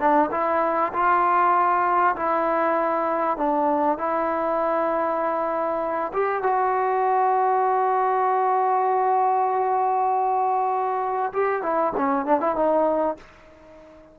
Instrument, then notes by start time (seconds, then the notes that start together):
trombone
0.00 D4
0.31 E4
0.94 F4
2.17 E4
3.38 D4
3.98 E4
6.14 G4
6.43 F#4
11.33 G4
11.63 E4
11.97 C#4
12.26 D4
12.41 E4
12.56 D#4